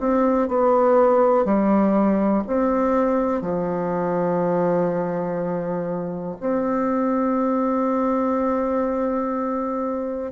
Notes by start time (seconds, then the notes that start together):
0.00 C4
0.48 B3
1.45 G3
2.47 C4
3.41 F3
6.40 C4